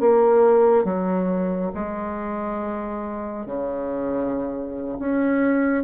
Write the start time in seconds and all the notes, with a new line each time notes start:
0.00 A#3
0.84 F#3
1.74 G#3
3.45 C#3
4.99 C#4